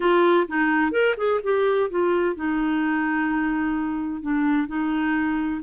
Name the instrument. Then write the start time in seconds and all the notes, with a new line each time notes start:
clarinet
0.00 F4
0.48 D#4
0.91 A#4
1.17 G#4
1.43 G4
1.89 F4
2.35 D#4
4.21 D4
4.67 D#4